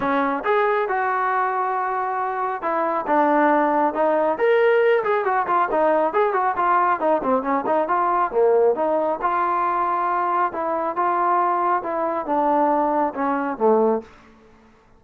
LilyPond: \new Staff \with { instrumentName = "trombone" } { \time 4/4 \tempo 4 = 137 cis'4 gis'4 fis'2~ | fis'2 e'4 d'4~ | d'4 dis'4 ais'4. gis'8 | fis'8 f'8 dis'4 gis'8 fis'8 f'4 |
dis'8 c'8 cis'8 dis'8 f'4 ais4 | dis'4 f'2. | e'4 f'2 e'4 | d'2 cis'4 a4 | }